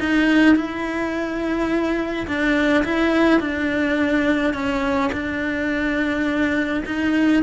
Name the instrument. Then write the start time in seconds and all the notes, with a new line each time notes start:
cello
0.00 D#4
0.56 E4
2.27 D4
2.85 E4
3.40 D4
4.54 C#4
5.12 D4
6.86 D#4